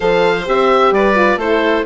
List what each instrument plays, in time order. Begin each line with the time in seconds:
0.00 bassoon F3, horn A4, violin C5, oboe F5
0.46 bassoon C4, horn G4, oboe E5
0.91 bassoon G3, violin B4, oboe D5
1.15 horn F4
1.36 bassoon A3, horn E4, violin A4, oboe C5